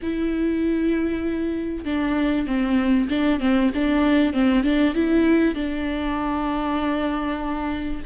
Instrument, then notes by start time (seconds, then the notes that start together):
viola
0.02 E4
1.84 D4
2.46 C4
3.09 D4
3.40 C4
3.74 D4
4.33 C4
4.63 D4
4.94 E4
5.54 D4